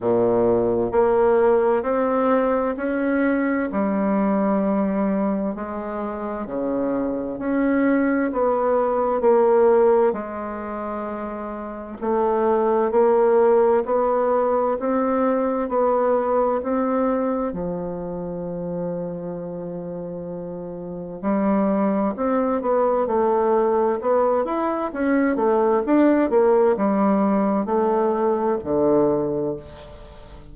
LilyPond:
\new Staff \with { instrumentName = "bassoon" } { \time 4/4 \tempo 4 = 65 ais,4 ais4 c'4 cis'4 | g2 gis4 cis4 | cis'4 b4 ais4 gis4~ | gis4 a4 ais4 b4 |
c'4 b4 c'4 f4~ | f2. g4 | c'8 b8 a4 b8 e'8 cis'8 a8 | d'8 ais8 g4 a4 d4 | }